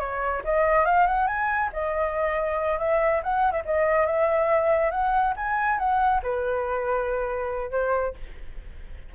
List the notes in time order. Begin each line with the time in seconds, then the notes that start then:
0.00 C#5
0.45 D#5
0.86 F5
1.07 F#5
1.27 G#5
1.73 D#5
2.79 E5
3.24 F#5
3.52 E5
3.65 D#5
4.06 E5
4.91 F#5
5.37 G#5
5.79 F#5
6.23 B4
7.71 C5